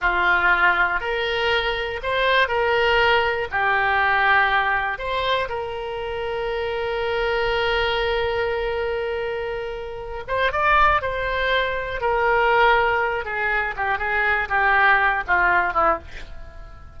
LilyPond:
\new Staff \with { instrumentName = "oboe" } { \time 4/4 \tempo 4 = 120 f'2 ais'2 | c''4 ais'2 g'4~ | g'2 c''4 ais'4~ | ais'1~ |
ais'1~ | ais'8 c''8 d''4 c''2 | ais'2~ ais'8 gis'4 g'8 | gis'4 g'4. f'4 e'8 | }